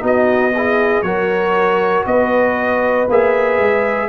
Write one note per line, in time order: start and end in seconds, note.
0.00 1.03 B3
0.00 0.51 D#4
0.00 0.53 F#4
0.07 1.03 D#5
0.55 1.05 E4
0.55 1.06 G#4
1.03 2.04 F#3
1.03 3.08 F#4
1.03 2.07 A#4
1.03 2.04 C#5
2.06 3.08 B3
2.06 4.09 B4
2.06 3.08 D#5
3.09 3.59 A#3
3.09 4.09 G#4
3.09 4.09 E5
3.59 4.09 G#3